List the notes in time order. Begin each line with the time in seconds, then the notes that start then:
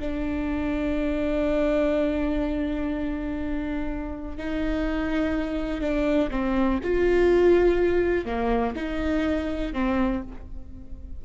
0.00 D4
4.38 D#4
5.81 D4
6.31 C4
6.84 F4
8.26 A#3
8.76 D#4
9.74 C4